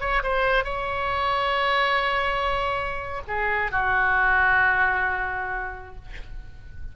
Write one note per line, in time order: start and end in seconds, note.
0.00 0.22 C#5
0.23 0.64 C5
0.64 3.22 C#5
3.27 3.71 G#4
3.71 5.95 F#4